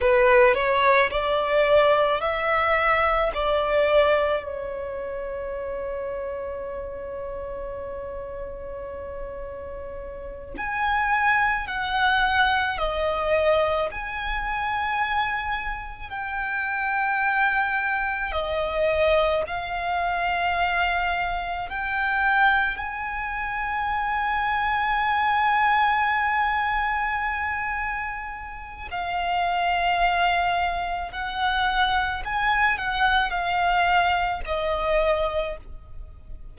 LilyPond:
\new Staff \with { instrumentName = "violin" } { \time 4/4 \tempo 4 = 54 b'8 cis''8 d''4 e''4 d''4 | cis''1~ | cis''4. gis''4 fis''4 dis''8~ | dis''8 gis''2 g''4.~ |
g''8 dis''4 f''2 g''8~ | g''8 gis''2.~ gis''8~ | gis''2 f''2 | fis''4 gis''8 fis''8 f''4 dis''4 | }